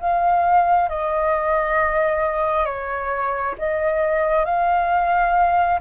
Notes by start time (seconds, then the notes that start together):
0.00 F5
0.89 D#5
2.65 C#5
3.59 D#5
4.45 F5